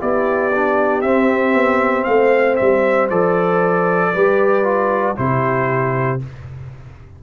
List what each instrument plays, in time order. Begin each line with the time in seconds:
0.00 tuba B3, trombone E4, horn G4, trumpet D5
0.55 trombone D4
1.02 tuba C4, trombone C4, trumpet E5
1.55 tuba B3
2.04 tuba A3, horn C5, trumpet F5
2.56 tuba G3, trumpet E5
3.10 tuba F3, trombone A4, trumpet D5
4.13 tuba G3, trombone G4, horn B4
4.64 trombone F4
5.16 tuba C3, trombone E4, horn G4, trumpet C5